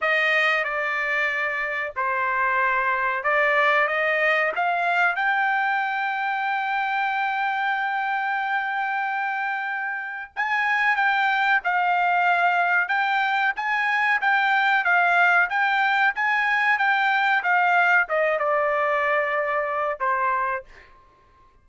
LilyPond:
\new Staff \with { instrumentName = "trumpet" } { \time 4/4 \tempo 4 = 93 dis''4 d''2 c''4~ | c''4 d''4 dis''4 f''4 | g''1~ | g''1 |
gis''4 g''4 f''2 | g''4 gis''4 g''4 f''4 | g''4 gis''4 g''4 f''4 | dis''8 d''2~ d''8 c''4 | }